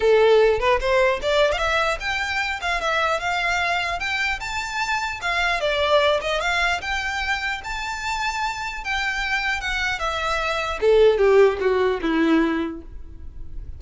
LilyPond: \new Staff \with { instrumentName = "violin" } { \time 4/4 \tempo 4 = 150 a'4. b'8 c''4 d''8. f''16 | e''4 g''4. f''8 e''4 | f''2 g''4 a''4~ | a''4 f''4 d''4. dis''8 |
f''4 g''2 a''4~ | a''2 g''2 | fis''4 e''2 a'4 | g'4 fis'4 e'2 | }